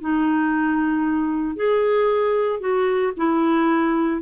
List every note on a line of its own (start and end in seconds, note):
0.00 1.56 D#4
1.56 2.60 G#4
2.60 3.12 F#4
3.16 4.22 E4